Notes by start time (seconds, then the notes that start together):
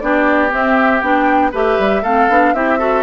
0.00 B3 D4 G4 D5
0.50 C4 E5
1.00 B3 D4 G5
1.51 A3 G4 B4 E5
1.78 G3
2.02 A3 C4 A4 F5
2.29 B3 D4
2.54 C4 E4 G4 E5
2.78 F#4 A4